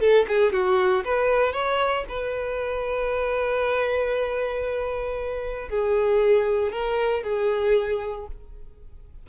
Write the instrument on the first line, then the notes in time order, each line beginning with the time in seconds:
violin
0.00 A4
0.28 G#4
0.52 F#4
1.04 B4
1.53 C#5
2.09 B4
5.69 G#4
6.72 A#4
7.23 G#4